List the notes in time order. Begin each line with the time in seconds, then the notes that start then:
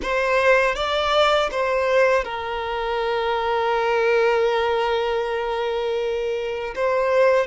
0.02 C5
0.75 D5
1.51 C5
2.24 A#4
6.75 C5